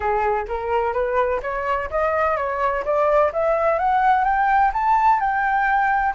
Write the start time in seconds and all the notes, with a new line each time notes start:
0.00 G#4
0.48 A#4
0.93 B4
1.42 C#5
1.90 D#5
2.36 C#5
2.85 D5
3.32 E5
3.78 F#5
4.24 G5
4.73 A5
5.19 G5